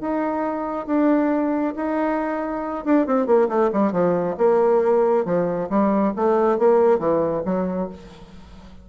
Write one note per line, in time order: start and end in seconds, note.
0.00 0.86 D#4
0.86 1.74 D4
1.76 2.85 D#4
2.85 3.06 D4
3.06 3.26 C4
3.26 3.48 A#3
3.48 3.70 A3
3.72 3.92 G3
3.92 4.36 F3
4.37 5.25 A#3
5.25 5.69 F3
5.69 6.13 G3
6.16 6.58 A3
6.58 6.99 A#3
6.99 7.42 E3
7.45 7.89 F#3